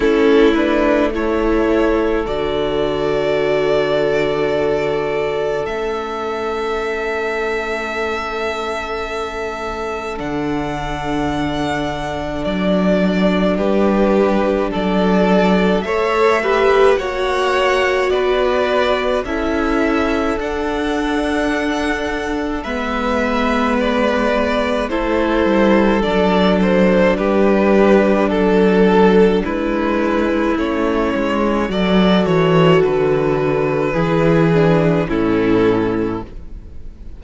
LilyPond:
<<
  \new Staff \with { instrumentName = "violin" } { \time 4/4 \tempo 4 = 53 a'8 b'8 cis''4 d''2~ | d''4 e''2.~ | e''4 fis''2 d''4 | b'4 d''4 e''4 fis''4 |
d''4 e''4 fis''2 | e''4 d''4 c''4 d''8 c''8 | b'4 a'4 b'4 cis''4 | d''8 cis''8 b'2 a'4 | }
  \new Staff \with { instrumentName = "violin" } { \time 4/4 e'4 a'2.~ | a'1~ | a'1 | g'4 a'4 cis''8 b'8 cis''4 |
b'4 a'2. | b'2 a'2 | g'4 a'4 e'2 | a'2 gis'4 e'4 | }
  \new Staff \with { instrumentName = "viola" } { \time 4/4 cis'8 d'8 e'4 fis'2~ | fis'4 cis'2.~ | cis'4 d'2.~ | d'2 a'8 g'8 fis'4~ |
fis'4 e'4 d'2 | b2 e'4 d'4~ | d'2. cis'4 | fis'2 e'8 d'8 cis'4 | }
  \new Staff \with { instrumentName = "cello" } { \time 4/4 a2 d2~ | d4 a2.~ | a4 d2 fis4 | g4 fis4 a4 ais4 |
b4 cis'4 d'2 | gis2 a8 g8 fis4 | g4 fis4 gis4 a8 gis8 | fis8 e8 d4 e4 a,4 | }
>>